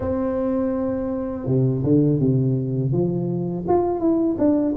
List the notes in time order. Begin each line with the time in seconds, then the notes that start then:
0.00 C4
1.45 C3
1.83 D3
2.20 C3
2.92 F3
3.68 F4
3.99 E4
4.38 D4